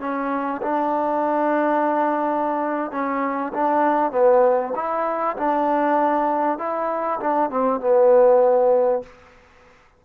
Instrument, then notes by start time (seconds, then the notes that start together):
trombone
0.00 C#4
0.62 D4
2.91 C#4
3.53 D4
4.11 B3
4.75 E4
5.36 D4
6.58 E4
7.20 D4
7.50 C4
7.80 B3